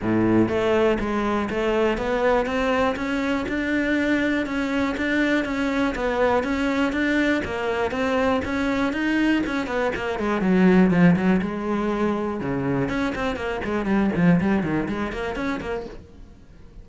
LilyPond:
\new Staff \with { instrumentName = "cello" } { \time 4/4 \tempo 4 = 121 a,4 a4 gis4 a4 | b4 c'4 cis'4 d'4~ | d'4 cis'4 d'4 cis'4 | b4 cis'4 d'4 ais4 |
c'4 cis'4 dis'4 cis'8 b8 | ais8 gis8 fis4 f8 fis8 gis4~ | gis4 cis4 cis'8 c'8 ais8 gis8 | g8 f8 g8 dis8 gis8 ais8 cis'8 ais8 | }